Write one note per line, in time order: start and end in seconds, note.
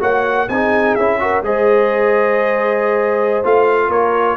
0.00 0.49 A#3
0.00 0.47 F#4
0.00 0.47 C#5
0.00 0.49 F#5
0.48 0.96 C4
0.48 0.99 D#4
0.48 1.19 G#4
0.48 0.95 G#5
0.95 1.42 C#4
0.95 1.19 E4
0.95 1.42 E5
1.19 1.43 F#4
1.19 1.45 A#4
1.42 3.43 G#3
1.42 3.44 G#4
1.42 3.90 C5
1.42 3.45 D#5
3.44 3.89 A3
3.44 4.37 F4
3.44 3.91 F5
3.89 4.36 A#3
3.89 4.37 A#4
3.89 4.37 C#5